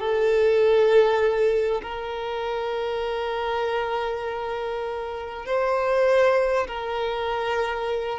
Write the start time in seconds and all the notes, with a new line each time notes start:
0.00 A4
1.83 A#4
5.46 C5
6.68 A#4